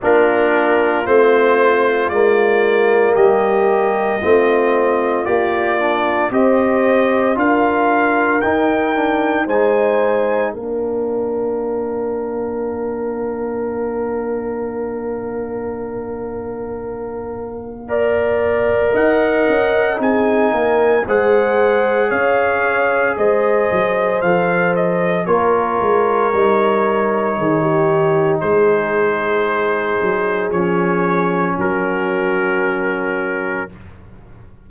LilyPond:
<<
  \new Staff \with { instrumentName = "trumpet" } { \time 4/4 \tempo 4 = 57 ais'4 c''4 d''4 dis''4~ | dis''4 d''4 dis''4 f''4 | g''4 gis''4 f''2~ | f''1~ |
f''2 fis''4 gis''4 | fis''4 f''4 dis''4 f''8 dis''8 | cis''2. c''4~ | c''4 cis''4 ais'2 | }
  \new Staff \with { instrumentName = "horn" } { \time 4/4 f'2. g'4 | f'2 c''4 ais'4~ | ais'4 c''4 ais'2~ | ais'1~ |
ais'4 d''4 dis''4 gis'8 ais'8 | c''4 cis''4 c''2 | ais'2 gis'16 g'8. gis'4~ | gis'2 fis'2 | }
  \new Staff \with { instrumentName = "trombone" } { \time 4/4 d'4 c'4 ais2 | c'4 g'8 d'8 g'4 f'4 | dis'8 d'8 dis'4 d'2~ | d'1~ |
d'4 ais'2 dis'4 | gis'2. a'4 | f'4 dis'2.~ | dis'4 cis'2. | }
  \new Staff \with { instrumentName = "tuba" } { \time 4/4 ais4 a4 gis4 g4 | a4 ais4 c'4 d'4 | dis'4 gis4 ais2~ | ais1~ |
ais2 dis'8 cis'8 c'8 ais8 | gis4 cis'4 gis8 fis8 f4 | ais8 gis8 g4 dis4 gis4~ | gis8 fis8 f4 fis2 | }
>>